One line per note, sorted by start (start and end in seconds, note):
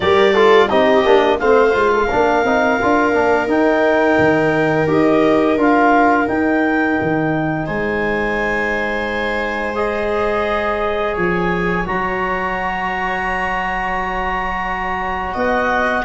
0.00 0.70 G3
0.00 0.35 G4
0.00 0.33 A#4
0.00 0.68 D5
0.33 0.69 F4
0.33 0.67 A4
0.68 1.05 C4
0.68 1.04 D#4
0.68 1.38 G4
0.68 1.38 D#5
1.04 1.40 A#3
1.04 1.39 D4
1.39 1.74 A3
1.39 1.73 C4
1.39 1.91 C5
1.39 3.48 F5
1.73 2.09 G#3
1.73 2.07 F4
1.91 2.05 A4
2.05 2.45 D4
2.05 7.63 A#4
2.13 2.44 A#3
2.44 2.79 C4
2.44 2.80 D#4
2.81 3.14 D4
2.81 3.13 F4
3.13 3.47 A#3
3.13 3.47 D4
3.47 4.16 D#4
3.47 4.87 D#4
3.47 4.88 G5
4.18 4.87 D#3
4.87 5.57 D#4
4.87 5.56 G4
4.87 5.59 D#5
5.57 6.27 D4
5.57 6.26 F4
5.57 6.28 F5
6.26 9.75 D#4
6.26 6.98 D#4
6.26 7.66 G5
7.01 7.68 D#3
7.66 11.16 G#3
7.66 11.14 C5
7.66 9.75 G#5
9.75 11.84 G#4
9.75 11.15 D#5
11.14 11.86 F3
11.14 15.32 C#5
11.14 11.86 G#5
11.85 15.35 F#3
11.85 16.04 F#4
11.85 15.35 A#5
15.33 16.05 B3
15.33 16.03 D#5
15.33 16.05 F#5